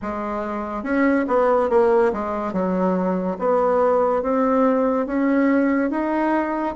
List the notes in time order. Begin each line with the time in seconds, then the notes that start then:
0.02 G#3
0.83 C#4
1.27 B3
1.69 A#3
2.12 G#3
2.52 F#3
3.38 B3
4.22 C4
5.06 C#4
5.90 D#4